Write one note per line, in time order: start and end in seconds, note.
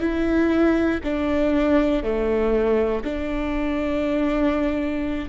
0.00 1.00 E4
1.03 2.03 D4
2.03 3.03 A3
3.04 5.29 D4